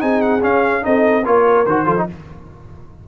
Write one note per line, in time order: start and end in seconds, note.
0.00 0.43 C4
0.00 0.41 D#4
0.00 0.83 G#4
0.00 0.22 G#5
0.22 0.42 F#5
0.42 0.82 C#4
0.42 0.85 C#4
0.42 0.85 F5
0.82 1.26 C4
0.82 1.23 D#4
0.82 1.26 A4
0.82 1.26 D#5
1.25 1.66 A#3
1.25 1.66 F4
1.25 1.85 A#4
1.25 1.66 C#5
1.66 1.86 D#3
1.66 1.86 F#4
1.66 2.07 C5
1.85 2.07 F3
1.85 1.96 F4
1.85 2.06 A4
1.98 2.08 D#4